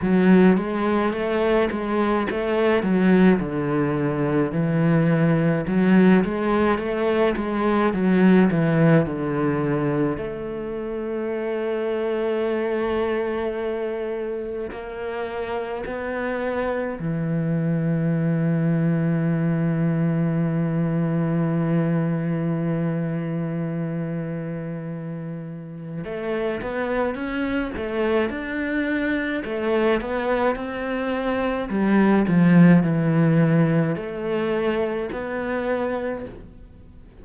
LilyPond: \new Staff \with { instrumentName = "cello" } { \time 4/4 \tempo 4 = 53 fis8 gis8 a8 gis8 a8 fis8 d4 | e4 fis8 gis8 a8 gis8 fis8 e8 | d4 a2.~ | a4 ais4 b4 e4~ |
e1~ | e2. a8 b8 | cis'8 a8 d'4 a8 b8 c'4 | g8 f8 e4 a4 b4 | }